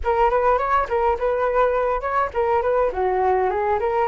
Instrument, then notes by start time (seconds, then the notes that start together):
flute
0.04 A#4
0.29 B4
0.57 C#5
0.88 A#4
1.18 B4
2.00 C#5
2.33 A#4
2.62 B4
2.92 F#4
3.50 G#4
3.79 A#4